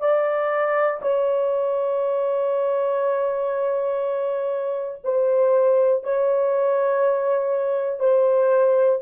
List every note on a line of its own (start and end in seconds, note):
0.00 1.00 D5
1.01 5.01 C#5
5.04 6.04 C5
6.04 8.00 C#5
8.00 9.00 C5